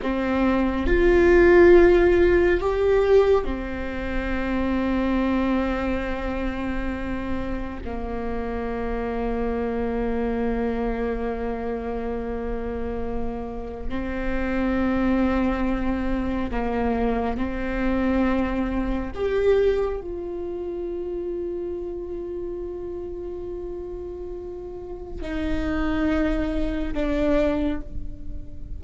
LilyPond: \new Staff \with { instrumentName = "viola" } { \time 4/4 \tempo 4 = 69 c'4 f'2 g'4 | c'1~ | c'4 ais2.~ | ais1 |
c'2. ais4 | c'2 g'4 f'4~ | f'1~ | f'4 dis'2 d'4 | }